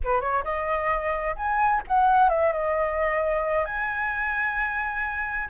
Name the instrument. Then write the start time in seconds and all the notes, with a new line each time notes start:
flute
0.04 B4
0.20 C#5
0.44 D#5
1.35 G#5
1.87 F#5
2.29 E5
2.52 D#5
3.65 G#5